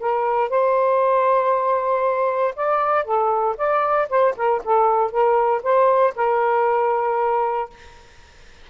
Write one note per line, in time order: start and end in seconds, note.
0.00 0.49 A#4
0.49 2.55 C5
2.56 3.05 D5
3.05 3.56 A4
3.58 4.09 D5
4.09 4.35 C5
4.37 4.62 A#4
4.64 5.11 A4
5.11 5.62 A#4
5.63 6.14 C5
6.16 7.70 A#4